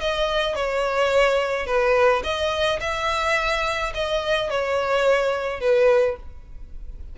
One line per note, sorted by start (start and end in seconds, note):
0.00 0.55 D#5
0.55 1.66 C#5
1.66 2.22 B4
2.23 2.79 D#5
2.80 3.92 E5
3.94 4.50 D#5
4.50 5.60 C#5
5.60 6.16 B4